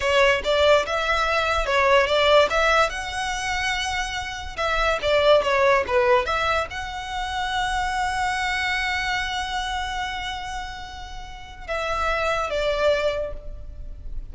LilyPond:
\new Staff \with { instrumentName = "violin" } { \time 4/4 \tempo 4 = 144 cis''4 d''4 e''2 | cis''4 d''4 e''4 fis''4~ | fis''2. e''4 | d''4 cis''4 b'4 e''4 |
fis''1~ | fis''1~ | fis''1 | e''2 d''2 | }